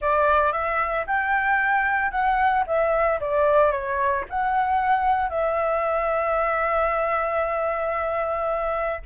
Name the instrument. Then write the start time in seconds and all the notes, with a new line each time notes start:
flute
0.01 D5
0.52 E5
1.06 G5
2.11 F#5
2.66 E5
3.20 D5
3.71 C#5
4.29 F#5
5.29 E5